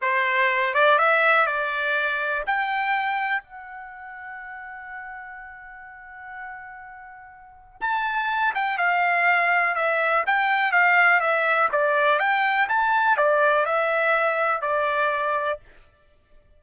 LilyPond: \new Staff \with { instrumentName = "trumpet" } { \time 4/4 \tempo 4 = 123 c''4. d''8 e''4 d''4~ | d''4 g''2 fis''4~ | fis''1~ | fis''1 |
a''4. g''8 f''2 | e''4 g''4 f''4 e''4 | d''4 g''4 a''4 d''4 | e''2 d''2 | }